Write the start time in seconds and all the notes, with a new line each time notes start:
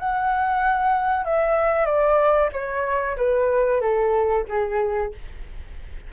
0.00 F#5
1.25 E5
1.86 D5
2.53 C#5
3.17 B4
3.82 A4
4.49 G#4